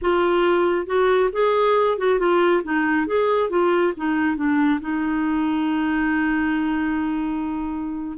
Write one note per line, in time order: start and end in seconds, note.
0.01 0.86 F4
0.86 1.30 F#4
1.32 1.97 G#4
1.97 2.19 F#4
2.19 2.63 F4
2.63 3.07 D#4
3.07 3.49 G#4
3.49 3.93 F4
3.96 4.36 D#4
4.36 4.80 D4
4.81 8.17 D#4